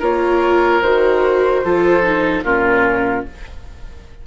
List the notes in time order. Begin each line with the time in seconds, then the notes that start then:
0.00 A#3 F4 A#4 C#5
0.82 D#3 F#4 C5
1.65 F3 F4 A4
2.04 D#4
2.44 A#2 C#4 F4 A#4